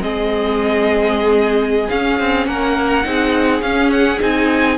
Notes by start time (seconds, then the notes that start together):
0.00 G#3 C4 G#4 D#5
1.89 C#4 F5
2.19 C4
2.46 A#3 A#4 F#5
3.03 C4 D#4 G#4
3.61 C#4 F5
3.90 F#5
4.19 C4 D#4 G#5